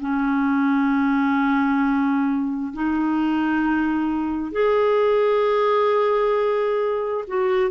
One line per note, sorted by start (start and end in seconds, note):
0.00 2.73 C#4
2.73 4.51 D#4
4.51 7.24 G#4
7.27 7.70 F#4